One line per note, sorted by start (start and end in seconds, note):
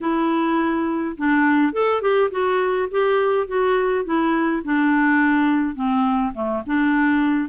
0.01 1.16 E4
1.17 1.73 D4
1.73 2.01 A4
2.01 2.30 G4
2.31 2.88 F#4
2.90 3.47 G4
3.47 4.04 F#4
4.04 4.62 E4
4.64 5.75 D4
5.75 6.33 C4
6.34 6.62 A3
6.66 7.49 D4